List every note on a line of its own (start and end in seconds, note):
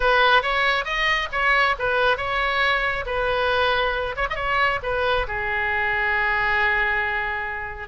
0.00 0.42 B4
0.42 0.84 C#5
0.84 1.28 D#5
1.31 1.75 C#5
1.79 2.17 B4
2.17 3.04 C#5
3.06 4.15 B4
4.16 4.27 C#5
4.30 4.79 C#5
4.30 4.35 D#5
4.83 5.26 B4
5.27 7.88 G#4